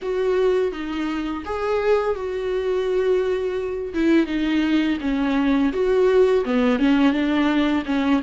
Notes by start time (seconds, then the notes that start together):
0.02 F#4
0.72 D#4
1.44 G#4
2.15 F#4
3.94 E4
4.26 D#4
5.01 C#4
5.72 F#4
6.44 B3
6.79 C#4
7.12 D4
7.85 C#4